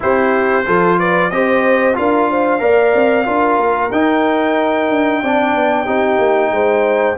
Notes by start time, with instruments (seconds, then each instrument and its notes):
0.00 tuba C4, trombone E4, horn G4, trumpet C5
0.66 tuba F3, trombone F4, horn A4
0.99 horn B4, trumpet D5
1.30 tuba C4, trombone G4, horn C5, trumpet D#5
1.94 tuba D4, trombone F4, horn A#4, trumpet F5
2.30 horn C5
2.59 tuba A#3, trombone A#4, horn D5
2.94 tuba C4
3.24 tuba D4, trombone F4, horn A#4
3.57 tuba A#3
3.91 tuba D#4, trombone D#4, trumpet G5
4.89 tuba D4
5.21 tuba C4, trombone D4, horn D5
5.54 tuba B3
5.84 tuba C4, trombone D#4, horn G4
6.18 tuba A#3
6.51 tuba G#3, horn C5